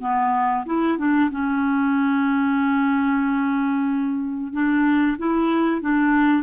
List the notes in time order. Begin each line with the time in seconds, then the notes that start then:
0.00 B3
0.65 E4
0.98 D4
1.30 C#4
4.52 D4
5.18 E4
5.81 D4